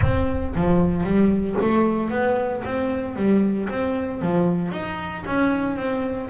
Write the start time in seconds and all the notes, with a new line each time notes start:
0.01 C4
0.55 F3
1.03 G3
1.61 A3
2.10 B3
2.64 C4
3.16 G3
3.69 C4
4.21 F3
4.71 D#4
5.26 C#4
5.76 C4